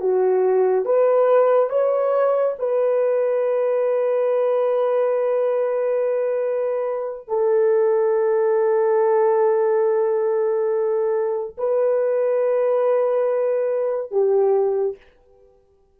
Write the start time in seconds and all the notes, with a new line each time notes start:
0.00 F#4
0.85 B4
1.69 C#5
2.58 B4
7.27 A4
11.57 B4
14.11 G4